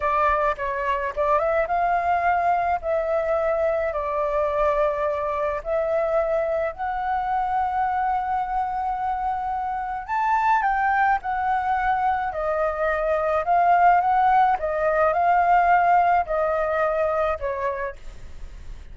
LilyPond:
\new Staff \with { instrumentName = "flute" } { \time 4/4 \tempo 4 = 107 d''4 cis''4 d''8 e''8 f''4~ | f''4 e''2 d''4~ | d''2 e''2 | fis''1~ |
fis''2 a''4 g''4 | fis''2 dis''2 | f''4 fis''4 dis''4 f''4~ | f''4 dis''2 cis''4 | }